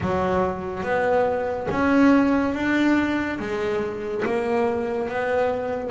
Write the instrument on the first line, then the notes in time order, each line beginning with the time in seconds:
double bass
0.00 F#3
0.83 B3
1.70 C#4
2.54 D4
3.39 G#3
4.25 A#3
5.08 B3